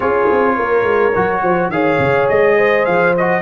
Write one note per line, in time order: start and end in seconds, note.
0.00 0.27 C#4
0.00 1.12 F4
0.00 0.55 G#4
0.00 1.70 C#5
0.30 0.58 C4
0.56 0.82 A#3
0.56 1.42 A#4
0.82 1.11 G#3
1.15 1.42 F#3
1.15 1.72 F#4
1.42 1.69 F3
1.42 1.70 C5
1.69 1.97 D#3
1.69 3.15 G#4
1.69 2.57 C#5
1.69 2.27 F5
1.99 2.27 C#3
2.28 2.87 G#3
2.28 2.85 D#5
2.57 3.41 C5
2.85 3.41 F3
2.85 3.14 F5
3.17 3.41 F#4
3.17 3.41 D#5